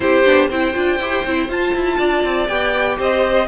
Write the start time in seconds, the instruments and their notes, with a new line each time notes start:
0.00 cello C4, viola E4, violin G4 C5
0.24 cello B3, viola D4
0.48 cello C4, viola E4, violin C5 G5
0.74 cello D4, viola F4
0.99 cello E4, viola G4
1.25 cello C4, viola E4
1.48 cello F4, viola F4, violin A5
1.73 cello E4
1.97 cello D4, violin D5
2.24 cello C4
2.47 cello B3, viola G4, violin G5
2.98 cello C4, violin C5 D#5